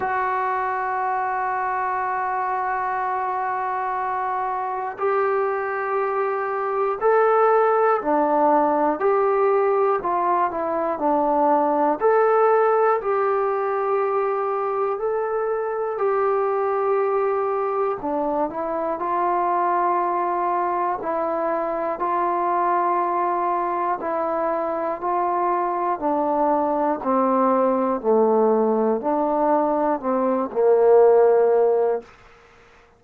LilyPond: \new Staff \with { instrumentName = "trombone" } { \time 4/4 \tempo 4 = 60 fis'1~ | fis'4 g'2 a'4 | d'4 g'4 f'8 e'8 d'4 | a'4 g'2 a'4 |
g'2 d'8 e'8 f'4~ | f'4 e'4 f'2 | e'4 f'4 d'4 c'4 | a4 d'4 c'8 ais4. | }